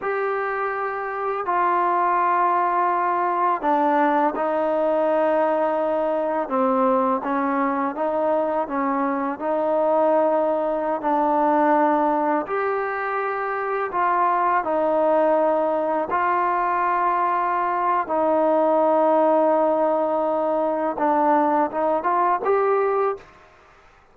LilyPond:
\new Staff \with { instrumentName = "trombone" } { \time 4/4 \tempo 4 = 83 g'2 f'2~ | f'4 d'4 dis'2~ | dis'4 c'4 cis'4 dis'4 | cis'4 dis'2~ dis'16 d'8.~ |
d'4~ d'16 g'2 f'8.~ | f'16 dis'2 f'4.~ f'16~ | f'4 dis'2.~ | dis'4 d'4 dis'8 f'8 g'4 | }